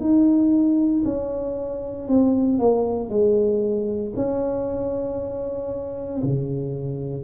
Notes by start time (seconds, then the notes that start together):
0.00 D#4
1.04 C#4
2.08 C4
2.59 A#3
3.09 G#3
4.16 C#4
6.23 C#3